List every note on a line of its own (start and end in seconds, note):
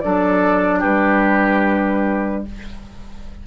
0.00 0.84 F#3
0.00 2.46 D4
0.00 0.80 A4
0.00 0.81 D5
0.80 2.47 G3
0.80 2.42 G4
0.80 2.44 B4